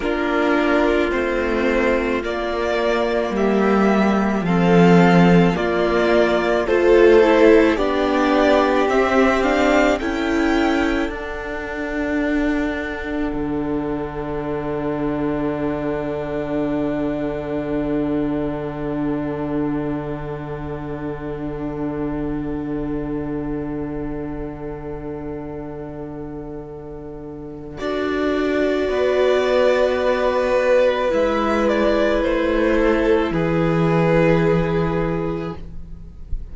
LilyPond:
<<
  \new Staff \with { instrumentName = "violin" } { \time 4/4 \tempo 4 = 54 ais'4 c''4 d''4 e''4 | f''4 d''4 c''4 d''4 | e''8 f''8 g''4 fis''2~ | fis''1~ |
fis''1~ | fis''1~ | fis''4 d''2. | e''8 d''8 c''4 b'2 | }
  \new Staff \with { instrumentName = "violin" } { \time 4/4 f'2. g'4 | a'4 f'4 a'4 g'4~ | g'4 a'2.~ | a'1~ |
a'1~ | a'1~ | a'2 b'2~ | b'4. a'8 gis'2 | }
  \new Staff \with { instrumentName = "viola" } { \time 4/4 d'4 c'4 ais2 | c'4 ais4 f'8 e'8 d'4 | c'8 d'8 e'4 d'2~ | d'1~ |
d'1~ | d'1~ | d'4 fis'2. | e'1 | }
  \new Staff \with { instrumentName = "cello" } { \time 4/4 ais4 a4 ais4 g4 | f4 ais4 a4 b4 | c'4 cis'4 d'2 | d1~ |
d1~ | d1~ | d4 d'4 b2 | gis4 a4 e2 | }
>>